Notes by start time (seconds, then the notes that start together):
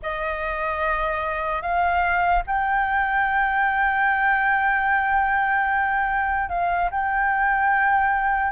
0.02 D#5
1.61 F5
2.46 G5
6.49 F5
6.90 G5